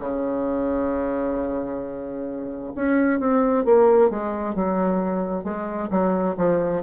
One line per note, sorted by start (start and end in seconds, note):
0.00 2.73 C#3
2.75 3.20 C#4
3.20 3.65 C4
3.65 4.10 A#3
4.10 4.55 G#3
4.55 5.44 F#3
5.44 5.90 G#3
5.90 6.36 F#3
6.38 6.83 F3